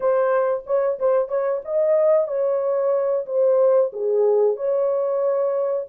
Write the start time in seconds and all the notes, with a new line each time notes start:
0.00 C5
0.66 C#5
0.99 C5
1.28 C#5
1.64 D#5
2.27 C#5
3.25 C5
3.92 G#4
4.56 C#5